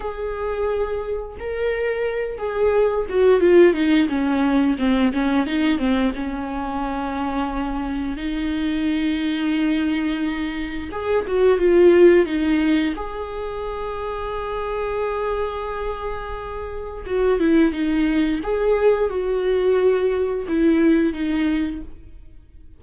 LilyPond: \new Staff \with { instrumentName = "viola" } { \time 4/4 \tempo 4 = 88 gis'2 ais'4. gis'8~ | gis'8 fis'8 f'8 dis'8 cis'4 c'8 cis'8 | dis'8 c'8 cis'2. | dis'1 |
gis'8 fis'8 f'4 dis'4 gis'4~ | gis'1~ | gis'4 fis'8 e'8 dis'4 gis'4 | fis'2 e'4 dis'4 | }